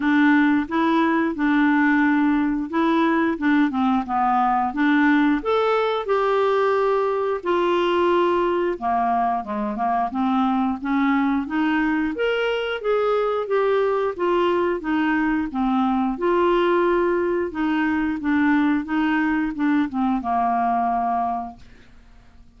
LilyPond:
\new Staff \with { instrumentName = "clarinet" } { \time 4/4 \tempo 4 = 89 d'4 e'4 d'2 | e'4 d'8 c'8 b4 d'4 | a'4 g'2 f'4~ | f'4 ais4 gis8 ais8 c'4 |
cis'4 dis'4 ais'4 gis'4 | g'4 f'4 dis'4 c'4 | f'2 dis'4 d'4 | dis'4 d'8 c'8 ais2 | }